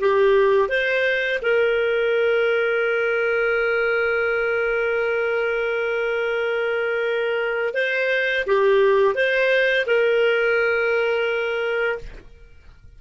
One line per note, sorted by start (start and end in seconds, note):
0.00 0.69 G4
0.69 1.39 C5
1.42 7.74 A#4
7.74 8.45 C5
8.46 9.15 G4
9.15 9.86 C5
9.87 11.98 A#4